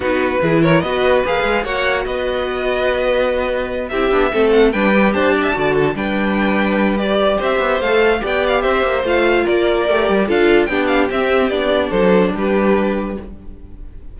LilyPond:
<<
  \new Staff \with { instrumentName = "violin" } { \time 4/4 \tempo 4 = 146 b'4. cis''8 dis''4 f''4 | fis''4 dis''2.~ | dis''4. e''4. fis''8 g''8~ | g''8 a''2 g''4.~ |
g''4 d''4 e''4 f''4 | g''8 f''8 e''4 f''4 d''4~ | d''4 f''4 g''8 f''8 e''4 | d''4 c''4 b'2 | }
  \new Staff \with { instrumentName = "violin" } { \time 4/4 fis'4 gis'8 ais'8 b'2 | cis''4 b'2.~ | b'4. g'4 a'4 b'8~ | b'8 c''8 d''16 e''16 d''8 a'8 b'4.~ |
b'2 c''2 | d''4 c''2 ais'4~ | ais'4 a'4 g'2~ | g'4 a'4 g'2 | }
  \new Staff \with { instrumentName = "viola" } { \time 4/4 dis'4 e'4 fis'4 gis'4 | fis'1~ | fis'4. e'8 d'8 c'4 d'8 | g'4. fis'4 d'4.~ |
d'4 g'2 a'4 | g'2 f'2 | g'4 f'4 d'4 c'4 | d'1 | }
  \new Staff \with { instrumentName = "cello" } { \time 4/4 b4 e4 b4 ais8 gis8 | ais4 b2.~ | b4. c'8 b8 a4 g8~ | g8 d'4 d4 g4.~ |
g2 c'8 b8 a4 | b4 c'8 ais8 a4 ais4 | a8 g8 d'4 b4 c'4 | b4 fis4 g2 | }
>>